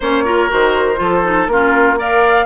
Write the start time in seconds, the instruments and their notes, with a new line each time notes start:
0.00 bassoon A#3, clarinet C#4, oboe C5, flute C#5
0.25 clarinet F4, oboe A#4
0.49 bassoon D#3, clarinet F#4, flute C5
0.96 bassoon F3, clarinet F4
1.02 oboe A4
1.23 clarinet D#4
1.47 bassoon A#3, clarinet C#4, oboe F4, flute A#4
1.97 clarinet A#4, oboe D5, flute F5